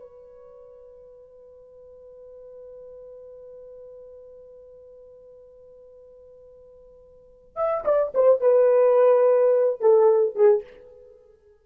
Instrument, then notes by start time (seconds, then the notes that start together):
horn
0.00 B4
7.56 E5
7.85 D5
8.15 C5
8.41 B4
9.81 A4
10.35 G#4